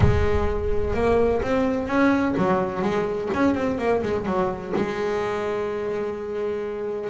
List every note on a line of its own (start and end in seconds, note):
0.00 0.94 G#3
0.94 1.41 A#3
1.42 1.87 C4
1.87 2.35 C#4
2.37 2.82 F#3
2.82 3.29 G#3
3.33 3.54 C#4
3.54 3.78 C4
3.78 4.02 A#3
4.02 4.25 G#3
4.25 4.72 F#3
4.75 7.10 G#3